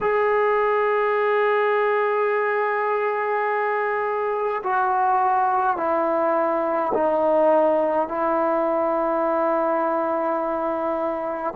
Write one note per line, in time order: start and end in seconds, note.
0.01 4.62 G#4
4.63 5.76 F#4
5.76 6.92 E4
6.93 8.08 D#4
8.08 11.54 E4